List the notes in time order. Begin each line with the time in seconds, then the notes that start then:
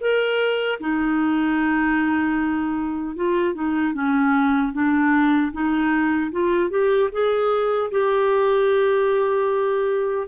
0.00 A#4
0.80 D#4
3.16 F4
3.55 D#4
3.94 C#4
4.73 D4
5.52 D#4
6.31 F4
6.70 G4
7.12 G#4
7.91 G4